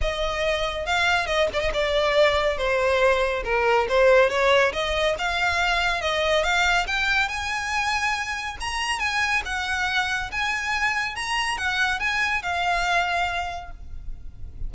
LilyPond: \new Staff \with { instrumentName = "violin" } { \time 4/4 \tempo 4 = 140 dis''2 f''4 dis''8 d''16 dis''16 | d''2 c''2 | ais'4 c''4 cis''4 dis''4 | f''2 dis''4 f''4 |
g''4 gis''2. | ais''4 gis''4 fis''2 | gis''2 ais''4 fis''4 | gis''4 f''2. | }